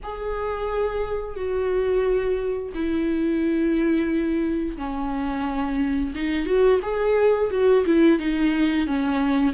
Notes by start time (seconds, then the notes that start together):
0.03 G#4
1.35 F#4
2.74 E4
4.77 C#4
6.14 D#4
6.46 F#4
6.82 G#4
7.50 F#4
7.86 E4
8.19 D#4
8.86 C#4